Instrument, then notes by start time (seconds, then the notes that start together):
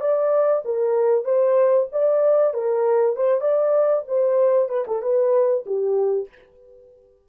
horn
0.00 D5
0.65 A#4
1.24 C5
1.92 D5
2.53 A#4
3.16 C5
3.40 D5
4.07 C5
4.69 B4
4.87 A4
5.02 B4
5.66 G4